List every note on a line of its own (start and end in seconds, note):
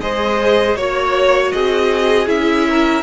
0.00 0.75 G#3
0.00 0.77 G#4
0.00 0.77 C5
0.00 0.75 D#5
0.75 1.51 A#3
0.75 2.26 F#4
0.75 1.51 C#5
0.75 1.53 C#5
1.51 2.27 C4
1.51 2.67 G#4
1.51 2.27 D#5
2.26 3.03 C#4
2.26 3.02 E4
2.26 3.03 E5
2.69 3.03 A#4